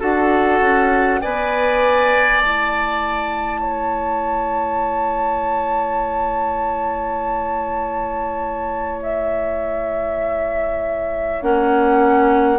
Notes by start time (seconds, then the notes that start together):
0.00 D4 F#4 A4 F#5
0.60 C#4
1.21 B3 B4 D5 G#5
2.41 A3 E4 A5
3.61 C#5
9.03 E5
11.42 A#3 C#4 F#5